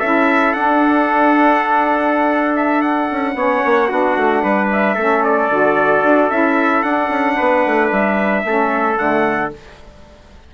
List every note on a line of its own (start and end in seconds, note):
0.00 0.55 C#4
0.00 0.56 E4
0.00 3.35 A4
0.00 0.54 E5
0.54 3.09 D4
0.54 3.36 D4
0.54 2.55 F#5
2.56 2.82 E5
2.82 4.70 F#5
3.12 3.35 C#4
3.35 3.62 B3
3.35 3.90 C#4
3.35 3.89 C#5
3.66 3.91 A#3
3.89 4.17 B3
3.89 4.97 D4
3.89 4.43 F#4
4.17 4.44 A3
4.43 4.97 G3
4.43 4.95 B4
4.73 5.24 E5
4.95 5.50 A3
4.95 5.51 C#4
4.95 7.36 A4
5.24 6.31 D5
5.50 6.03 D3
5.50 6.31 F#4
6.03 6.30 D4
6.31 6.83 C#4
6.31 6.85 E4
6.31 6.83 E5
6.83 7.10 D4
6.83 8.46 D4
6.83 7.90 F#5
7.10 7.36 C#4
7.37 7.66 B3
7.37 8.44 B4
7.66 7.92 A3
7.92 8.45 G3
7.92 8.98 E5
8.45 8.98 A3
8.45 8.96 C#4
8.45 9.55 A4
8.96 9.53 D3
8.96 9.50 A3
8.96 9.52 F#5